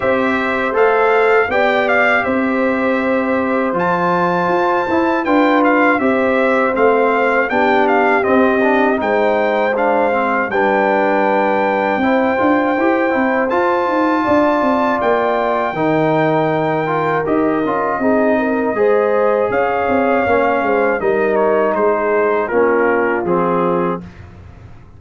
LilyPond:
<<
  \new Staff \with { instrumentName = "trumpet" } { \time 4/4 \tempo 4 = 80 e''4 f''4 g''8 f''8 e''4~ | e''4 a''2 g''8 f''8 | e''4 f''4 g''8 f''8 dis''4 | g''4 f''4 g''2~ |
g''2 a''2 | g''2. dis''4~ | dis''2 f''2 | dis''8 cis''8 c''4 ais'4 gis'4 | }
  \new Staff \with { instrumentName = "horn" } { \time 4/4 c''2 d''4 c''4~ | c''2. b'4 | c''2 g'2 | c''2 b'2 |
c''2. d''4~ | d''4 ais'2. | gis'8 ais'8 c''4 cis''4. c''8 | ais'4 gis'4 f'2 | }
  \new Staff \with { instrumentName = "trombone" } { \time 4/4 g'4 a'4 g'2~ | g'4 f'4. e'8 f'4 | g'4 c'4 d'4 c'8 d'8 | dis'4 d'8 c'8 d'2 |
e'8 f'8 g'8 e'8 f'2~ | f'4 dis'4. f'8 g'8 f'8 | dis'4 gis'2 cis'4 | dis'2 cis'4 c'4 | }
  \new Staff \with { instrumentName = "tuba" } { \time 4/4 c'4 a4 b4 c'4~ | c'4 f4 f'8 e'8 d'4 | c'4 a4 b4 c'4 | gis2 g2 |
c'8 d'8 e'8 c'8 f'8 dis'8 d'8 c'8 | ais4 dis2 dis'8 cis'8 | c'4 gis4 cis'8 c'8 ais8 gis8 | g4 gis4 ais4 f4 | }
>>